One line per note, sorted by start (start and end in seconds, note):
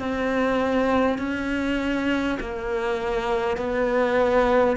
0.00 1.18 C4
1.18 2.38 C#4
2.40 3.58 A#3
3.58 4.77 B3